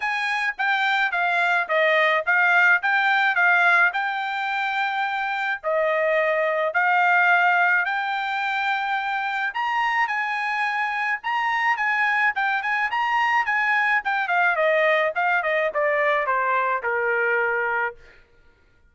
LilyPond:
\new Staff \with { instrumentName = "trumpet" } { \time 4/4 \tempo 4 = 107 gis''4 g''4 f''4 dis''4 | f''4 g''4 f''4 g''4~ | g''2 dis''2 | f''2 g''2~ |
g''4 ais''4 gis''2 | ais''4 gis''4 g''8 gis''8 ais''4 | gis''4 g''8 f''8 dis''4 f''8 dis''8 | d''4 c''4 ais'2 | }